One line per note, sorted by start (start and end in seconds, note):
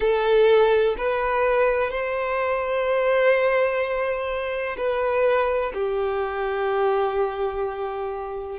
0.00 0.95 A4
0.97 1.90 B4
1.90 4.76 C5
4.77 5.72 B4
5.74 8.59 G4